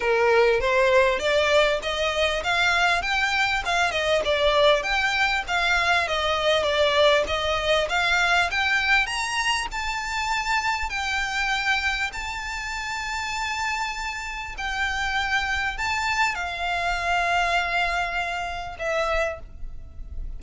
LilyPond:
\new Staff \with { instrumentName = "violin" } { \time 4/4 \tempo 4 = 99 ais'4 c''4 d''4 dis''4 | f''4 g''4 f''8 dis''8 d''4 | g''4 f''4 dis''4 d''4 | dis''4 f''4 g''4 ais''4 |
a''2 g''2 | a''1 | g''2 a''4 f''4~ | f''2. e''4 | }